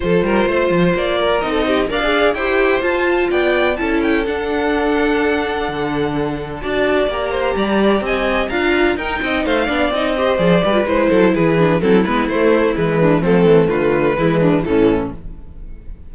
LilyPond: <<
  \new Staff \with { instrumentName = "violin" } { \time 4/4 \tempo 4 = 127 c''2 d''4 dis''4 | f''4 g''4 a''4 g''4 | a''8 g''8 fis''2.~ | fis''2 a''4 ais''4~ |
ais''4 gis''4 ais''4 g''4 | f''4 dis''4 d''4 c''4 | b'4 a'8 b'8 c''4 b'4 | a'4 b'2 a'4 | }
  \new Staff \with { instrumentName = "violin" } { \time 4/4 a'8 ais'8 c''4. ais'8. a'16 g'8 | d''4 c''2 d''4 | a'1~ | a'2 d''4. c''8 |
d''4 dis''4 f''4 ais'8 dis''8 | c''8 d''4 c''4 b'4 a'8 | gis'4 e'2~ e'8 d'8 | c'4 f'4 e'8 d'8 cis'4 | }
  \new Staff \with { instrumentName = "viola" } { \time 4/4 f'2. dis'4 | ais'16 gis'8. g'4 f'2 | e'4 d'2.~ | d'2 fis'4 g'4~ |
g'2 f'4 dis'4~ | dis'8 d'8 dis'8 g'8 gis'8 g'16 f'16 e'4~ | e'8 d'8 c'8 b8 a4 gis4 | a2 gis4 e4 | }
  \new Staff \with { instrumentName = "cello" } { \time 4/4 f8 g8 a8 f8 ais4 c'4 | d'4 e'4 f'4 b4 | cis'4 d'2. | d2 d'4 ais4 |
g4 c'4 d'4 dis'8 c'8 | a8 b8 c'4 f8 g8 gis8 fis8 | e4 fis8 gis8 a4 e4 | f8 e8 d4 e4 a,4 | }
>>